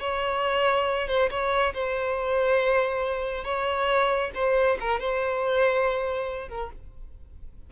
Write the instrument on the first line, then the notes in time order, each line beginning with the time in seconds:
violin
0.00 C#5
1.08 C5
1.30 C#5
1.74 C5
3.44 C#5
4.35 C5
4.80 A#4
5.00 C5
6.49 A#4